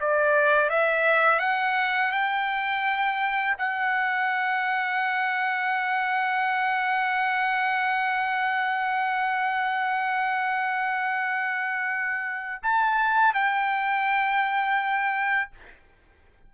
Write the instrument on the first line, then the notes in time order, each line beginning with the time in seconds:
trumpet
0.00 D5
0.70 E5
1.39 F#5
2.12 G5
3.58 F#5
12.63 A5
13.34 G5